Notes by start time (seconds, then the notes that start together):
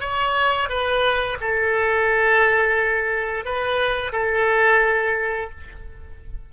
0.00 C#5
0.69 B4
1.40 A4
3.45 B4
4.12 A4